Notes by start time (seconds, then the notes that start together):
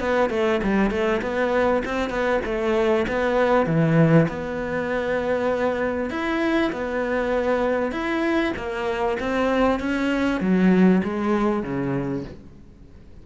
0.00 B3
0.30 A3
0.63 G3
0.90 A3
1.22 B3
1.85 C4
2.10 B3
2.45 A3
3.08 B3
3.66 E3
4.28 B3
6.10 E4
6.72 B3
7.91 E4
8.57 A#3
9.20 C4
9.80 C#4
10.41 F#3
11.04 G#3
11.63 C#3